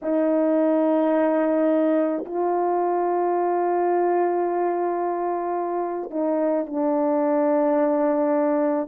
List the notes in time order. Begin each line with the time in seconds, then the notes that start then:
0.02 D#4
2.25 F4
6.10 D#4
6.66 D4